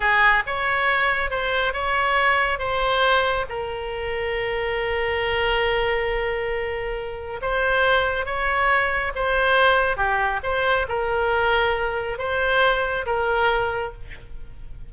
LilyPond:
\new Staff \with { instrumentName = "oboe" } { \time 4/4 \tempo 4 = 138 gis'4 cis''2 c''4 | cis''2 c''2 | ais'1~ | ais'1~ |
ais'4 c''2 cis''4~ | cis''4 c''2 g'4 | c''4 ais'2. | c''2 ais'2 | }